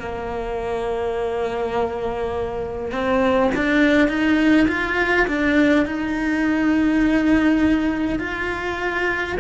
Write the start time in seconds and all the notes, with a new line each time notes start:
0.00 A#3
2.93 C4
3.56 D4
4.09 D#4
4.68 F4
5.28 D4
5.87 D#4
8.20 F4